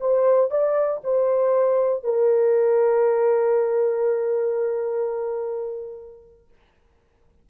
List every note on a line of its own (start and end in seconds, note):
0.00 0.50 C5
0.50 1.01 D5
1.04 2.03 C5
2.03 6.48 A#4